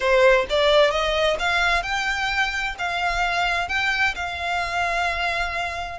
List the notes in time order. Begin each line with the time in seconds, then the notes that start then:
0.00 C5
0.49 D5
0.90 D#5
1.39 F5
1.82 G5
2.78 F5
3.68 G5
4.15 F5